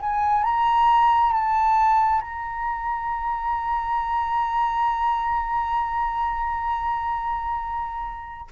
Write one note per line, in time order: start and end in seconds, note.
0.00 0.43 G#5
0.43 1.32 A#5
1.32 2.21 A5
2.21 8.48 A#5